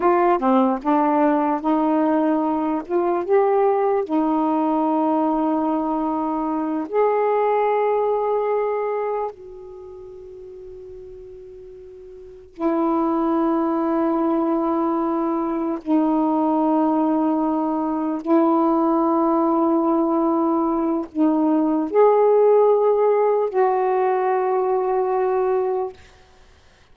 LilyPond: \new Staff \with { instrumentName = "saxophone" } { \time 4/4 \tempo 4 = 74 f'8 c'8 d'4 dis'4. f'8 | g'4 dis'2.~ | dis'8 gis'2. fis'8~ | fis'2.~ fis'8 e'8~ |
e'2.~ e'8 dis'8~ | dis'2~ dis'8 e'4.~ | e'2 dis'4 gis'4~ | gis'4 fis'2. | }